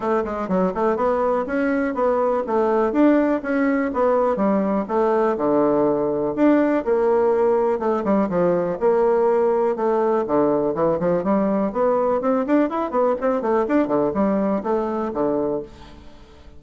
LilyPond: \new Staff \with { instrumentName = "bassoon" } { \time 4/4 \tempo 4 = 123 a8 gis8 fis8 a8 b4 cis'4 | b4 a4 d'4 cis'4 | b4 g4 a4 d4~ | d4 d'4 ais2 |
a8 g8 f4 ais2 | a4 d4 e8 f8 g4 | b4 c'8 d'8 e'8 b8 c'8 a8 | d'8 d8 g4 a4 d4 | }